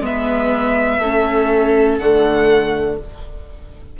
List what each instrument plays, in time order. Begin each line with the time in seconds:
0.00 bassoon G#3, viola B3 B4, violin E5
0.99 bassoon A3, viola C#4 A4
1.98 bassoon D3, viola A3, violin F#5